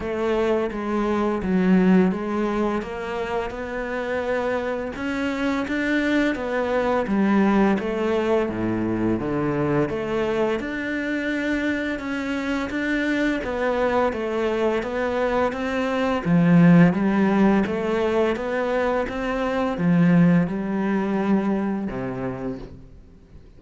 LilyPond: \new Staff \with { instrumentName = "cello" } { \time 4/4 \tempo 4 = 85 a4 gis4 fis4 gis4 | ais4 b2 cis'4 | d'4 b4 g4 a4 | a,4 d4 a4 d'4~ |
d'4 cis'4 d'4 b4 | a4 b4 c'4 f4 | g4 a4 b4 c'4 | f4 g2 c4 | }